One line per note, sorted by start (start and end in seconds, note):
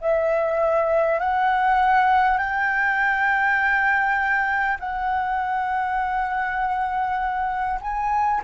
0.00 1.19 E5
1.19 2.37 F#5
2.37 4.77 G5
4.79 7.79 F#5
7.81 8.41 G#5